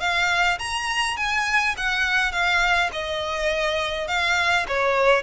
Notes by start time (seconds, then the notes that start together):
0.00 F5
0.59 A#5
1.17 G#5
1.77 F#5
2.32 F5
2.92 D#5
4.08 F5
4.68 C#5